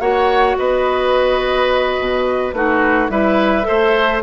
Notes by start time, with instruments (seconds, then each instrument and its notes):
0.00 bassoon A#3, clarinet F#4, oboe C#5, flute F#5
0.57 bassoon B3, oboe B4, flute D#5
1.99 bassoon B2
2.52 bassoon A3, clarinet D#4, oboe F#4, flute B4
3.09 bassoon G3, clarinet E4, oboe B4, flute E5
3.62 clarinet A4, oboe C5
3.70 bassoon A3